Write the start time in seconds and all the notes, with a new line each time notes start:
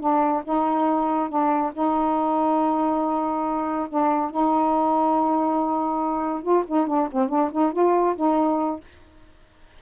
0.00 D4
0.44 D#4
1.29 D4
1.74 D#4
3.89 D4
4.31 D#4
6.43 F4
6.67 D#4
6.87 D4
7.12 C4
7.29 D4
7.52 D#4
7.73 F4
8.16 D#4